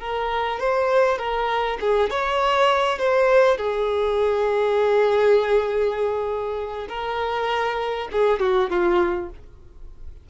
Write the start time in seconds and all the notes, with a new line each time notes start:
0.00 A#4
0.60 C5
1.18 A#4
1.81 G#4
2.11 C#5
2.99 C5
3.58 G#4
6.89 A#4
8.12 G#4
8.40 F#4
8.70 F4